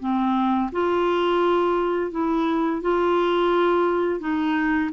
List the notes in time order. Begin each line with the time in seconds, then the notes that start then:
0.00 C4
0.72 F4
2.12 E4
2.82 F4
4.20 D#4